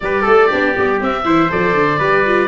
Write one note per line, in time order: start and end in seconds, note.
0.00 0.25 G3
0.00 0.49 G4
0.00 0.22 B4
0.00 1.00 D5
0.22 0.50 A3
0.22 0.47 A4
0.47 0.77 B3
0.47 0.74 D4
0.47 1.22 G4
0.75 1.01 G3
0.75 1.00 B3
1.00 1.24 C4
1.00 1.25 C4
1.00 1.51 E5
1.24 1.50 E3
1.24 1.49 E4
1.24 1.98 C5
1.49 1.74 F3
1.49 1.99 A4
1.49 2.48 D5
1.74 1.99 D3
1.98 2.48 G3
1.98 2.25 G4
1.98 2.48 B4
2.25 2.48 F4